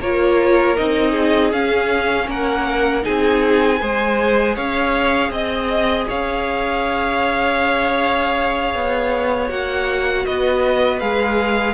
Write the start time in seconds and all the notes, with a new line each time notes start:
0.00 A#3 F4 A#4 C#5
0.77 C4 D#4 D#5
1.11 G#4
1.52 C#4 F5
2.28 A#3 A#4 F#5
3.03 C4 D#4 G#4 G#5
3.80 G#3 G#4 C5
4.54 C#4 C#5 F5
5.30 C4 D#5
6.08 C#4 C#5 F5
8.74 B3
9.48 A#3 F#4 F#5
10.26 B3 B4 D#5
11.00 G#3 G#4 F5